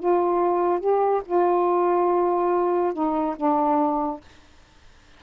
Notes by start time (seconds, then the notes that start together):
0.00 F4
0.80 G4
1.26 F4
2.94 D#4
3.37 D4